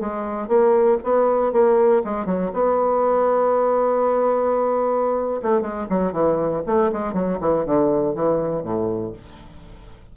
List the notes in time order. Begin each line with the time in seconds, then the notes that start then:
0.00 G#3
0.48 A#3
1.04 B3
1.52 A#3
2.05 G#3
2.26 F#3
2.54 B3
5.42 A3
5.61 G#3
5.90 F#3
6.12 E3
6.66 A3
6.92 G#3
7.13 F#3
7.41 E3
7.65 D3
8.15 E3
8.63 A2